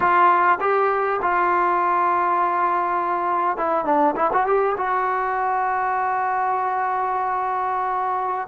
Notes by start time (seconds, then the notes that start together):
0.00 F4
0.60 G4
1.22 F4
3.57 E4
3.85 D4
4.16 E4
4.33 F#4
4.46 G4
4.77 F#4